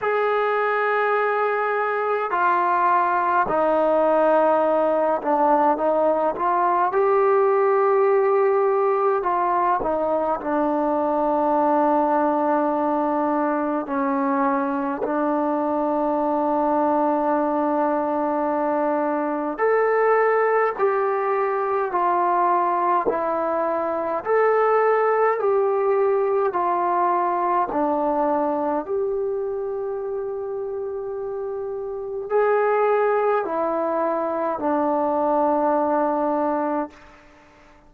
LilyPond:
\new Staff \with { instrumentName = "trombone" } { \time 4/4 \tempo 4 = 52 gis'2 f'4 dis'4~ | dis'8 d'8 dis'8 f'8 g'2 | f'8 dis'8 d'2. | cis'4 d'2.~ |
d'4 a'4 g'4 f'4 | e'4 a'4 g'4 f'4 | d'4 g'2. | gis'4 e'4 d'2 | }